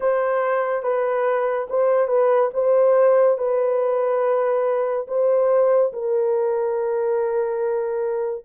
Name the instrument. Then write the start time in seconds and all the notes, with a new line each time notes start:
horn
0.00 C5
0.83 B4
1.69 C5
2.07 B4
2.54 C5
3.38 B4
5.07 C5
5.92 A#4